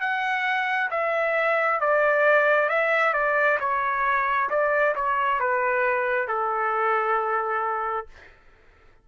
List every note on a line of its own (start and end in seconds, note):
0.00 0.90 F#5
0.90 1.80 E5
1.80 2.69 D5
2.69 3.13 E5
3.13 3.58 D5
3.59 4.49 C#5
4.49 4.94 D5
4.95 5.40 C#5
5.40 6.28 B4
6.28 8.07 A4